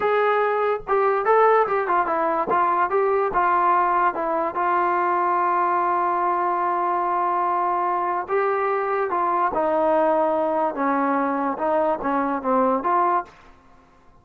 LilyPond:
\new Staff \with { instrumentName = "trombone" } { \time 4/4 \tempo 4 = 145 gis'2 g'4 a'4 | g'8 f'8 e'4 f'4 g'4 | f'2 e'4 f'4~ | f'1~ |
f'1 | g'2 f'4 dis'4~ | dis'2 cis'2 | dis'4 cis'4 c'4 f'4 | }